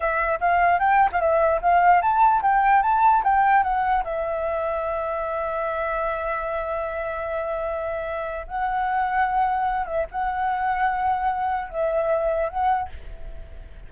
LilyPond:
\new Staff \with { instrumentName = "flute" } { \time 4/4 \tempo 4 = 149 e''4 f''4 g''8. f''16 e''4 | f''4 a''4 g''4 a''4 | g''4 fis''4 e''2~ | e''1~ |
e''1~ | e''4 fis''2.~ | fis''8 e''8 fis''2.~ | fis''4 e''2 fis''4 | }